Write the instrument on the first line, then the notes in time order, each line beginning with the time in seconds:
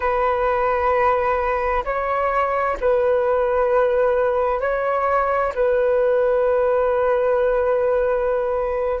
flute
0.00 B4
1.85 C#5
2.80 B4
4.60 C#5
5.54 B4